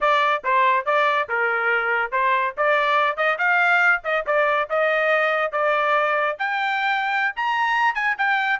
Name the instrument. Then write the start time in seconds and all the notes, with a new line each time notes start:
trumpet
0.00 D5
0.44 C5
0.85 D5
1.29 A#4
2.11 C5
2.57 D5
3.16 D#5
3.38 F5
4.03 D#5
4.26 D5
4.69 D#5
5.51 D5
6.38 G5
7.35 A#5
7.94 G#5
8.17 G5